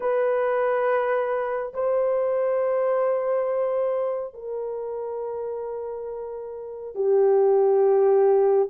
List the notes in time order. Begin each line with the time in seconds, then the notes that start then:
0.00 B4
1.73 C5
4.34 A#4
6.94 G4